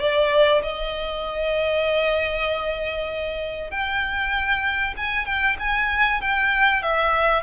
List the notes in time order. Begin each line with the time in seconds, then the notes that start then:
0.00 D5
0.62 D#5
3.71 G5
4.97 G#5
5.25 G5
5.59 G#5
6.21 G5
6.82 E5